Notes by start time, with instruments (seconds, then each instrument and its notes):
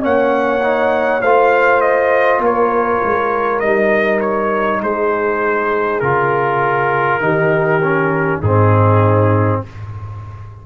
0.00 tuba A#3, trombone C#4, horn C#5, trumpet F#5
0.61 trombone D#4
1.21 tuba A3, trombone F4, horn C5, trumpet F5
1.80 trumpet D#5
2.39 tuba A#3, horn A#4
2.46 trumpet C#5
3.04 tuba G#3
3.60 tuba G3, trombone D#4, trumpet D#5
4.21 trumpet C#5
4.83 tuba G#3, horn G#4, trumpet C5
6.00 tuba C#3, trombone F4, trumpet A#4
7.20 tuba D#3, trombone D#4, horn G4
7.83 trombone C#4
8.41 tuba G#2, trombone C4, horn D#4, trumpet G#4